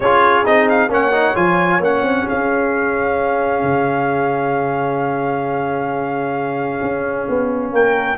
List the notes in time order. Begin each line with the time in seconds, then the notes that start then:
0.00 C#4 F4 G#4 C#5
0.45 C4 D#4 D#5
0.69 F5
0.89 A#3 C#4 C#5 F#5
1.12 D#4
1.35 F3 F4 G#5
1.80 A#3 C#4 F#5
2.02 C4
2.27 C#4 G#4 F5
3.62 C#3
6.81 C#4
7.28 B3
7.72 A#3 A#4 G5